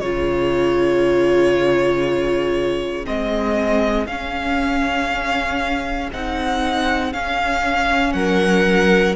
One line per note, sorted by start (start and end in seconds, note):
0.00 3.06 C#3
0.00 3.05 F4
0.00 8.14 G#4
0.00 3.05 C#5
3.05 4.06 G#3
3.05 4.06 C4
3.05 4.07 D#5
4.06 6.09 C#4
4.06 6.11 C#4
4.06 6.10 F5
6.12 7.14 C4
6.12 7.12 D#4
6.12 7.13 F#5
7.12 9.15 C#4
7.12 8.14 C#4
7.12 8.13 F5
8.13 9.15 F#3
8.13 9.16 A#4
8.13 9.15 F#5